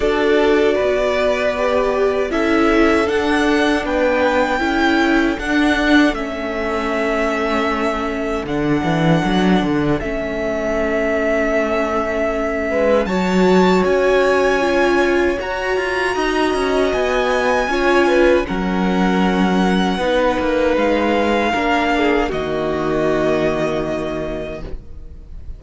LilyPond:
<<
  \new Staff \with { instrumentName = "violin" } { \time 4/4 \tempo 4 = 78 d''2. e''4 | fis''4 g''2 fis''4 | e''2. fis''4~ | fis''4 e''2.~ |
e''4 a''4 gis''2 | ais''2 gis''2 | fis''2. f''4~ | f''4 dis''2. | }
  \new Staff \with { instrumentName = "violin" } { \time 4/4 a'4 b'2 a'4~ | a'4 b'4 a'2~ | a'1~ | a'1~ |
a'8 b'8 cis''2.~ | cis''4 dis''2 cis''8 b'8 | ais'2 b'2 | ais'8 gis'8 fis'2. | }
  \new Staff \with { instrumentName = "viola" } { \time 4/4 fis'2 g'4 e'4 | d'2 e'4 d'4 | cis'2. d'4~ | d'4 cis'2.~ |
cis'4 fis'2 f'4 | fis'2. f'4 | cis'2 dis'2 | d'4 ais2. | }
  \new Staff \with { instrumentName = "cello" } { \time 4/4 d'4 b2 cis'4 | d'4 b4 cis'4 d'4 | a2. d8 e8 | fis8 d8 a2.~ |
a8 gis8 fis4 cis'2 | fis'8 f'8 dis'8 cis'8 b4 cis'4 | fis2 b8 ais8 gis4 | ais4 dis2. | }
>>